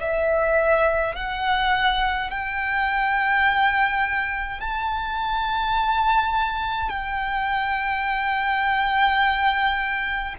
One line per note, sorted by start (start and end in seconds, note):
0.00 1.15 E5
1.15 2.30 F#5
2.30 4.60 G5
4.60 6.89 A5
6.89 10.35 G5